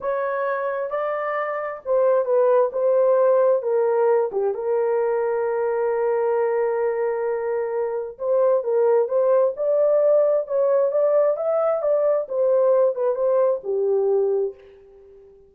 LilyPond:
\new Staff \with { instrumentName = "horn" } { \time 4/4 \tempo 4 = 132 cis''2 d''2 | c''4 b'4 c''2 | ais'4. g'8 ais'2~ | ais'1~ |
ais'2 c''4 ais'4 | c''4 d''2 cis''4 | d''4 e''4 d''4 c''4~ | c''8 b'8 c''4 g'2 | }